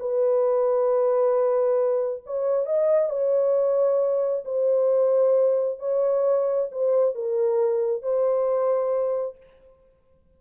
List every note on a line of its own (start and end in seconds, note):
0.00 2.24 B4
2.26 2.67 C#5
2.67 3.10 D#5
3.10 4.45 C#5
4.45 5.79 C5
5.79 6.69 C#5
6.72 7.15 C5
7.15 8.03 A#4
8.03 9.37 C5